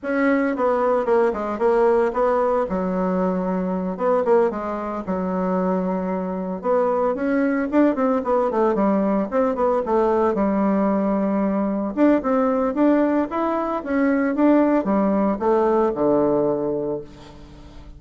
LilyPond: \new Staff \with { instrumentName = "bassoon" } { \time 4/4 \tempo 4 = 113 cis'4 b4 ais8 gis8 ais4 | b4 fis2~ fis8 b8 | ais8 gis4 fis2~ fis8~ | fis8 b4 cis'4 d'8 c'8 b8 |
a8 g4 c'8 b8 a4 g8~ | g2~ g8 d'8 c'4 | d'4 e'4 cis'4 d'4 | g4 a4 d2 | }